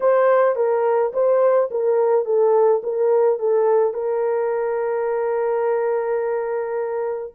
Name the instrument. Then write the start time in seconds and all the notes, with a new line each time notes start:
horn
0.00 C5
0.55 A#4
1.13 C5
1.70 A#4
2.25 A4
2.83 A#4
3.39 A4
3.93 A#4